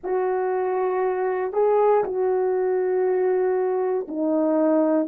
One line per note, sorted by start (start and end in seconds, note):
0.03 1.53 F#4
1.53 2.03 G#4
2.04 4.07 F#4
4.08 5.08 D#4